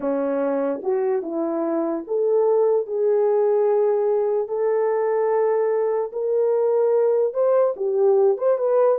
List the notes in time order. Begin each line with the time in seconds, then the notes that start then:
0.00 C#4
0.83 F#4
1.22 E4
2.07 A4
2.86 G#4
4.48 A4
6.12 A#4
7.33 C5
7.76 G4
8.37 C5
8.58 B4